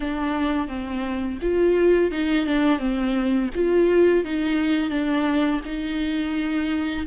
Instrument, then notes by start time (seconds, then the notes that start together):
viola
0.00 D4
0.68 C4
1.41 F4
2.11 D#4
2.46 D4
2.79 C4
3.55 F4
4.24 D#4
4.90 D4
5.65 D#4